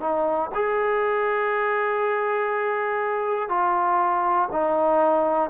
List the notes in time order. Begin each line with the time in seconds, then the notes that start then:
0.00 D#4
0.55 G#4
3.49 F4
4.51 D#4